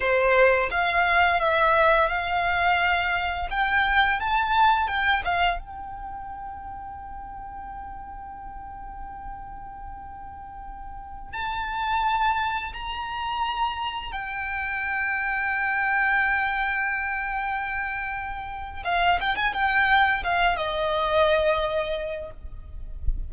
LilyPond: \new Staff \with { instrumentName = "violin" } { \time 4/4 \tempo 4 = 86 c''4 f''4 e''4 f''4~ | f''4 g''4 a''4 g''8 f''8 | g''1~ | g''1~ |
g''16 a''2 ais''4.~ ais''16~ | ais''16 g''2.~ g''8.~ | g''2. f''8 g''16 gis''16 | g''4 f''8 dis''2~ dis''8 | }